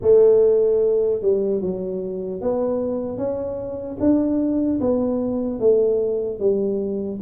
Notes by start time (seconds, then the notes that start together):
0.01 A3
1.21 G3
1.61 F#3
2.41 B3
3.17 C#4
4.00 D4
4.80 B3
5.59 A3
6.39 G3